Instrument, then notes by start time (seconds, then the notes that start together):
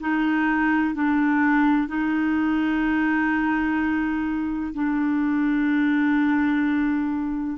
clarinet
0.00 D#4
0.94 D4
1.88 D#4
4.74 D4